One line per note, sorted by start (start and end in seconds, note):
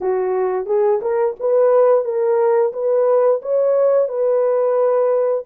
0.00 0.66 F#4
0.66 1.00 G#4
1.01 1.35 A#4
1.39 2.04 B4
2.04 2.72 A#4
2.73 3.41 B4
3.42 4.08 C#5
4.08 5.44 B4